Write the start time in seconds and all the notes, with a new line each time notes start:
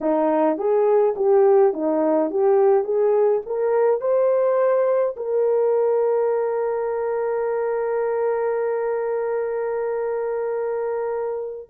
0.00 D#4
0.57 G#4
1.16 G4
1.73 D#4
2.30 G4
2.84 G#4
3.46 A#4
4.01 C5
5.16 A#4